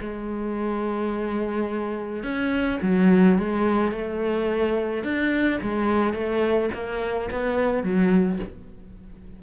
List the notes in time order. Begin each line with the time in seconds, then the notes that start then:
0.00 G#3
2.23 C#4
2.82 F#3
3.38 G#3
3.91 A3
5.03 D4
5.62 G#3
6.13 A3
6.73 A#3
7.30 B3
7.83 F#3